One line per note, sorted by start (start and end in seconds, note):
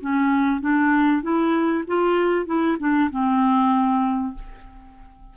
0.00 0.61 C#4
0.61 1.22 D4
1.22 1.84 E4
1.87 2.46 F4
2.46 2.77 E4
2.79 3.10 D4
3.10 4.34 C4